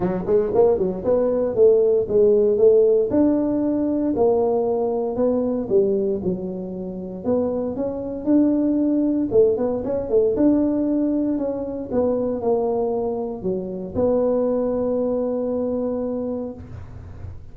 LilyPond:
\new Staff \with { instrumentName = "tuba" } { \time 4/4 \tempo 4 = 116 fis8 gis8 ais8 fis8 b4 a4 | gis4 a4 d'2 | ais2 b4 g4 | fis2 b4 cis'4 |
d'2 a8 b8 cis'8 a8 | d'2 cis'4 b4 | ais2 fis4 b4~ | b1 | }